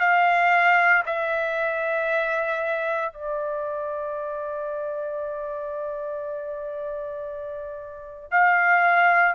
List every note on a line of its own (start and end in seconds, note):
0.00 1.03 F5
1.06 3.13 E5
3.13 8.30 D5
8.31 9.34 F5